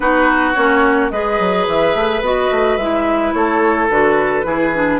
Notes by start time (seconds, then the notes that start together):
0.00 B3 D#4 F#4 B4
0.53 A#3 C#4 C#5
1.10 G#3 G#4 B4 D#5
1.39 F#3
1.67 E3 E5
1.94 A3
2.20 B3 F#4 D#5
2.50 A3
2.77 G#3 E4 E5
3.33 A3 A4 C#5
3.89 D3 F#4 B4
4.43 E3 E4 G#4
4.74 D4